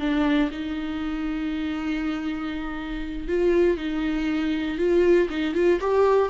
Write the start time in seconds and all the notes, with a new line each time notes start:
0.00 D4
0.52 D#4
3.29 F4
3.78 D#4
4.79 F4
5.30 D#4
5.55 F4
5.81 G4